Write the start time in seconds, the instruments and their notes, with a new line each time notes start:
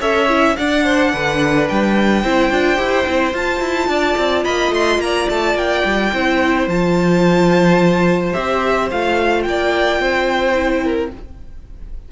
0.00 cello C#4, viola A4, violin C#5 E5
0.29 viola E4
0.56 viola D4, cello D4, violin D5 F#5
0.84 violin C5
1.12 cello D3, violin B4
1.69 cello G3, violin G5
2.23 cello C4, viola E4, violin C5
2.50 cello D4, viola F4
2.76 cello E4, viola G4
3.06 cello C4, viola E4
3.33 cello F4, viola F4, violin A5
3.61 cello E4
3.88 cello D4, violin D5
4.17 cello C4
4.44 cello A#3, violin D#5 B5
4.72 cello A3, violin C6
4.98 cello A#3, violin A#5
5.04 violin D5
5.29 cello A3, violin A5
5.54 cello A#3, violin G5
5.85 cello G3
6.13 cello C4, viola E4, violin C5
6.67 cello F3, viola F4, violin A5
8.33 cello C4, viola G4, violin E5
8.91 cello A3, viola F4, violin F5
9.43 cello A#3, violin G5
9.49 violin D5
10.00 cello C4, violin C5
10.53 viola E4
10.84 violin A#4